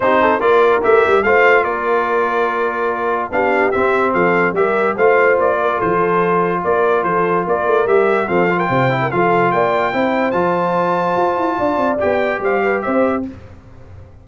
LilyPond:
<<
  \new Staff \with { instrumentName = "trumpet" } { \time 4/4 \tempo 4 = 145 c''4 d''4 e''4 f''4 | d''1 | f''4 e''4 f''4 e''4 | f''4 d''4 c''2 |
d''4 c''4 d''4 e''4 | f''8. g''4~ g''16 f''4 g''4~ | g''4 a''2.~ | a''4 g''4 f''4 e''4 | }
  \new Staff \with { instrumentName = "horn" } { \time 4/4 g'8 a'8 ais'2 c''4 | ais'1 | g'2 a'4 ais'4 | c''4. ais'8 a'2 |
ais'4 a'4 ais'2 | a'8. ais'16 c''8. ais'16 a'4 d''4 | c''1 | d''2 c''8 b'8 c''4 | }
  \new Staff \with { instrumentName = "trombone" } { \time 4/4 dis'4 f'4 g'4 f'4~ | f'1 | d'4 c'2 g'4 | f'1~ |
f'2. g'4 | c'8 f'4 e'8 f'2 | e'4 f'2.~ | f'4 g'2. | }
  \new Staff \with { instrumentName = "tuba" } { \time 4/4 c'4 ais4 a8 g8 a4 | ais1 | b4 c'4 f4 g4 | a4 ais4 f2 |
ais4 f4 ais8 a8 g4 | f4 c4 f4 ais4 | c'4 f2 f'8 e'8 | d'8 c'8 b4 g4 c'4 | }
>>